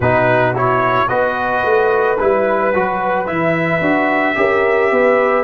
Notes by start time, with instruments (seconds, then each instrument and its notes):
0.00 tuba B2, trombone D#4, horn F#4, trumpet B4
0.55 trombone E4, trumpet C#5
1.08 tuba B3, trombone F#4, horn B4, trumpet D#5
1.64 tuba A3
2.18 tuba G3, trombone E4, trumpet B4
2.73 tuba F#3, trombone F#4
3.26 tuba E3, trombone E4, trumpet E5
3.80 tuba D4, trombone F#4
4.35 tuba C#4, trombone G4, horn A#4
4.91 tuba B3, horn B4